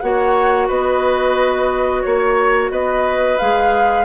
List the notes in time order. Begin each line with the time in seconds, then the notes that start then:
0.00 A#3 F#4 C#5 F#5
0.68 B3 B4 D#5
2.02 A#3 C#5
2.70 B3 B4 D#5
3.38 G#3 G#4 F5